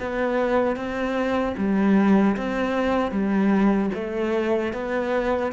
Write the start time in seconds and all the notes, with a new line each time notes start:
0.00 B3
0.76 C4
1.58 G3
2.36 C4
3.11 G3
3.94 A3
4.73 B3